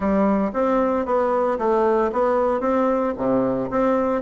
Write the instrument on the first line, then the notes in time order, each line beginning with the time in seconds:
bassoon
0.00 G3
0.53 C4
1.05 B3
1.58 A3
2.12 B3
2.60 C4
3.17 C3
3.70 C4